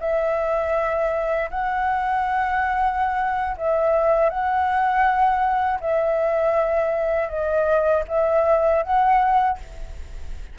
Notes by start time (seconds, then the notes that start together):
0.00 E5
1.50 F#5
3.57 E5
4.30 F#5
5.80 E5
7.29 D#5
8.08 E5
8.83 F#5